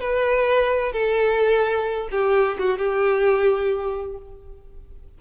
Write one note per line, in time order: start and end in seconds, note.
0.00 0.92 B4
0.92 2.08 A4
2.11 2.57 G4
2.58 2.78 F#4
2.78 4.17 G4